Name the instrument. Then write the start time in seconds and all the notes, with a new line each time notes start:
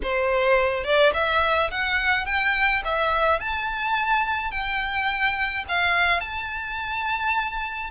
violin
0.03 C5
0.84 D5
1.13 E5
1.70 F#5
2.25 G5
2.85 E5
3.40 A5
4.51 G5
5.68 F5
6.20 A5